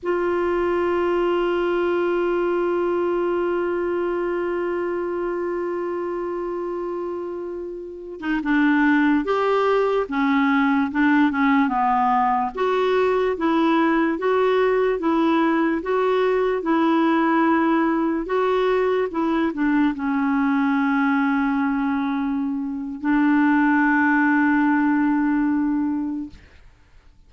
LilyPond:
\new Staff \with { instrumentName = "clarinet" } { \time 4/4 \tempo 4 = 73 f'1~ | f'1~ | f'2 dis'16 d'4 g'8.~ | g'16 cis'4 d'8 cis'8 b4 fis'8.~ |
fis'16 e'4 fis'4 e'4 fis'8.~ | fis'16 e'2 fis'4 e'8 d'16~ | d'16 cis'2.~ cis'8. | d'1 | }